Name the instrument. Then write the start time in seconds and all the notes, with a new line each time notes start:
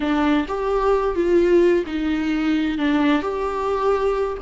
viola
0.00 D4
0.48 G4
1.15 F4
1.86 D#4
2.78 D4
3.22 G4